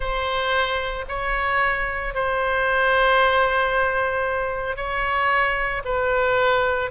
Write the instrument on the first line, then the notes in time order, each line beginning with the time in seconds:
oboe
0.00 C5
1.08 C#5
2.14 C5
4.76 C#5
5.85 B4